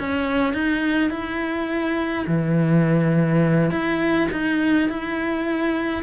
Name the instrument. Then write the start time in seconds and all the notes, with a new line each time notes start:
cello
0.00 C#4
0.54 D#4
1.10 E4
2.27 E3
3.71 E4
4.32 D#4
4.90 E4